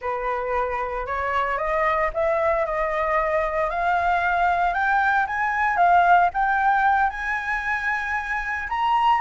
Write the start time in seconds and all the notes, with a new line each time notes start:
0.01 B4
1.06 C#5
1.57 D#5
2.13 E5
2.65 D#5
3.69 F5
4.73 G5
5.27 G#5
5.76 F5
6.33 G5
7.10 G#5
8.68 A#5